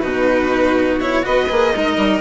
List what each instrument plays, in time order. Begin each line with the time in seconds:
0.00 bassoon B2, cello D#4, violin F#4 B4
1.01 cello E4, violin C#5
1.23 bassoon B3, cello F#4, violin B4 D#5
1.49 bassoon A#3, cello G#4
1.75 bassoon G#3, violin D#4, cello A#4
1.97 bassoon G3